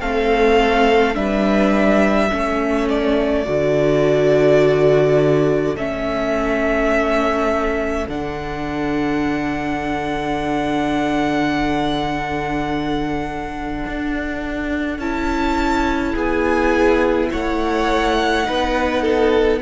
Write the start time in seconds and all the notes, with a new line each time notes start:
0.00 A3 C4 A4 F5
1.14 G3 D4 B4 E5
2.30 A3 C#4 A4
2.89 D5
3.45 D3 F#4
5.75 A3 C#4 E5
8.08 D3 D4 F#5
13.86 D4
14.99 C#4 E4 A5
16.14 B3 G#4 G#5
17.31 A3 C#5 F#5
18.44 B3 D#4 B4
19.02 A4